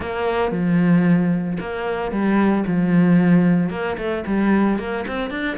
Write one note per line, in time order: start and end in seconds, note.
0.00 0.51 A#3
0.51 1.57 F3
1.60 2.11 A#3
2.11 2.64 G3
2.66 3.70 F3
3.70 3.96 A#3
3.97 4.24 A3
4.26 4.78 G3
4.78 5.05 A#3
5.07 5.30 C4
5.30 5.57 D4